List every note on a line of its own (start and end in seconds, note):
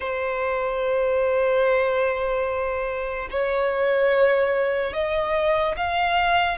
0.00 3.28 C5
3.30 4.93 C#5
4.93 5.75 D#5
5.76 6.58 F5